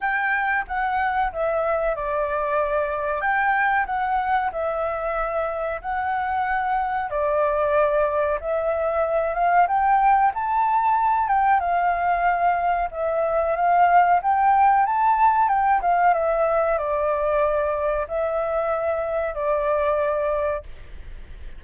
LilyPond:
\new Staff \with { instrumentName = "flute" } { \time 4/4 \tempo 4 = 93 g''4 fis''4 e''4 d''4~ | d''4 g''4 fis''4 e''4~ | e''4 fis''2 d''4~ | d''4 e''4. f''8 g''4 |
a''4. g''8 f''2 | e''4 f''4 g''4 a''4 | g''8 f''8 e''4 d''2 | e''2 d''2 | }